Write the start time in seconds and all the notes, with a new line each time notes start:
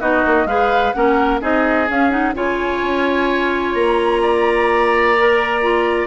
0.00 B3 D#4 F#4 D#5
0.26 A#3
0.45 G#3 G#4 B4 F5
0.92 A#3 C#4 A#4 F#5
1.40 C4 D#4 G#4 D#5
1.88 C#4 F5
2.10 D#4 F#5
2.34 C#3 F4 C#5 G#5
2.81 C#4
3.74 A#3 A#5
4.21 D5
5.18 A#4
5.61 F4